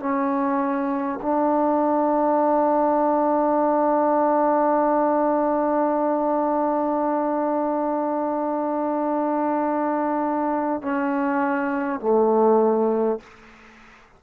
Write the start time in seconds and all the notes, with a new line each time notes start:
0.00 C#4
1.23 D4
10.83 C#4
12.00 A3